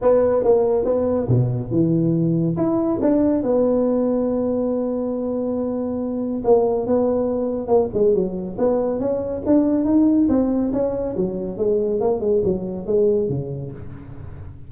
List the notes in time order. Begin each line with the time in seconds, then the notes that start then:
0.01 B3
0.43 A#3
0.84 B3
1.28 B2
1.70 E3
2.57 E4
3.01 D4
3.43 B3
6.44 A#3
6.86 B3
7.67 A#3
7.93 G#3
8.14 F#3
8.57 B3
8.99 C#4
9.46 D4
9.85 D#4
10.28 C4
10.72 C#4
11.16 F#3
11.57 G#3
12.00 A#3
12.20 G#3
12.44 F#3
12.86 G#3
13.28 C#3